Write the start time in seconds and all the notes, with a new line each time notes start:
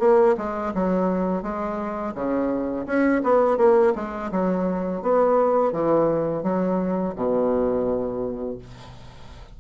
0.00 A#3
0.38 G#3
0.75 F#3
1.43 G#3
2.15 C#3
2.86 C#4
3.24 B3
3.58 A#3
3.95 G#3
4.31 F#3
5.02 B3
5.72 E3
6.44 F#3
7.16 B2